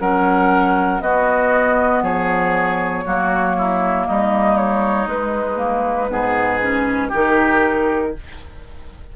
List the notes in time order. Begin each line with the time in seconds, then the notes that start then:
0.00 F#3 C#4 A#4 F#5
1.01 B3 F#4 D#5
2.02 F3 G#4 C#5
3.04 F#3 A#3 F#4
3.58 E4
4.07 G3 D#4 D#5
4.57 C#5
5.07 G#3 B4
5.57 A#3
6.09 G#2 B3 G#4
6.61 C#4
7.09 D#3 D#4 G4 A#4